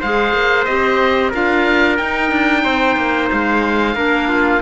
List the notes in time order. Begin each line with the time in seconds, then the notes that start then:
0.00 G#3 G#4 C5 F5
0.33 A#3
0.65 C4 G4 D#5
1.30 D4 F4 A#4 F5
1.97 D#4 G5
2.31 D4
2.64 C4 C5
2.96 A#3
3.31 G#3 F5
3.95 A#3 D4 A#4
4.28 F4